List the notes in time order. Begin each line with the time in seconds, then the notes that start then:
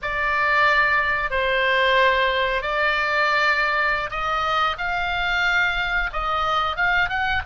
0.02 D5
1.30 C5
2.61 D5
4.10 D#5
4.78 F5
6.13 D#5
6.76 F5
7.09 F#5